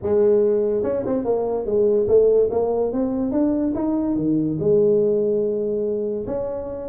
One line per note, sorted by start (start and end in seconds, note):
0.02 0.83 G#3
0.83 1.04 C#4
1.06 1.24 C4
1.24 1.65 A#3
1.65 2.07 G#3
2.07 2.49 A3
2.50 2.92 A#3
2.92 3.31 C4
3.31 3.73 D4
3.74 4.16 D#4
4.16 4.58 D#3
4.59 6.26 G#3
6.26 6.88 C#4